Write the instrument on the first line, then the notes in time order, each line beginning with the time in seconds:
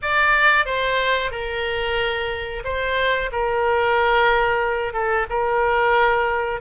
oboe
0.01 D5
0.65 C5
1.31 A#4
2.64 C5
3.31 A#4
4.93 A4
5.29 A#4